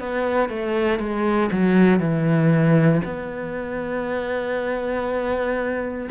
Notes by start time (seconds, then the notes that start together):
0.00 B3
0.49 A3
0.99 G#3
1.52 F#3
2.00 E3
3.05 B3